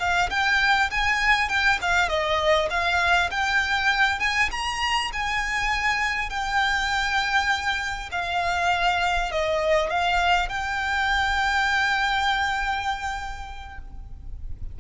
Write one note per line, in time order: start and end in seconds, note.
0.00 0.30 F5
0.31 0.91 G5
0.91 1.49 G#5
1.49 1.79 G5
1.82 2.09 F5
2.09 2.69 D#5
2.70 3.30 F5
3.31 4.20 G5
4.20 4.50 G#5
4.52 5.12 A#5
5.13 6.30 G#5
6.30 8.10 G5
8.12 9.32 F5
9.32 9.91 D#5
9.91 10.49 F5
10.49 13.79 G5